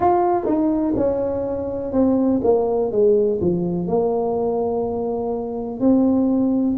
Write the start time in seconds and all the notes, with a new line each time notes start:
0.00 F4
0.45 D#4
0.96 C#4
1.92 C4
2.43 A#3
2.91 G#3
3.40 F3
3.87 A#3
5.79 C4